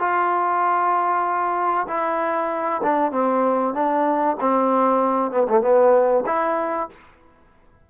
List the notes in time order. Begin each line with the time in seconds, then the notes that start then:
0.00 F4
1.88 E4
2.84 D4
3.12 C4
3.75 D4
4.41 C4
5.32 B3
5.49 A3
5.62 B3
6.27 E4